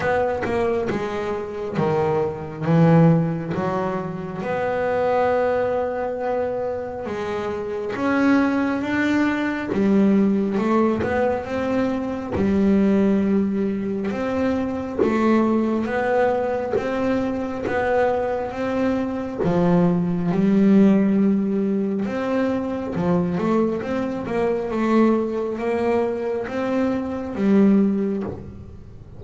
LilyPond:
\new Staff \with { instrumentName = "double bass" } { \time 4/4 \tempo 4 = 68 b8 ais8 gis4 dis4 e4 | fis4 b2. | gis4 cis'4 d'4 g4 | a8 b8 c'4 g2 |
c'4 a4 b4 c'4 | b4 c'4 f4 g4~ | g4 c'4 f8 a8 c'8 ais8 | a4 ais4 c'4 g4 | }